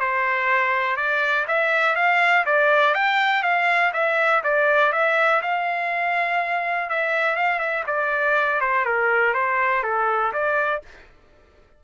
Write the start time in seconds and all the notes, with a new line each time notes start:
0.00 C5
0.96 D5
1.48 E5
1.95 F5
2.46 D5
2.94 G5
3.43 F5
3.93 E5
4.44 D5
4.92 E5
5.42 F5
6.89 E5
7.36 F5
7.59 E5
7.87 D5
8.61 C5
8.85 A#4
9.34 C5
9.83 A4
10.33 D5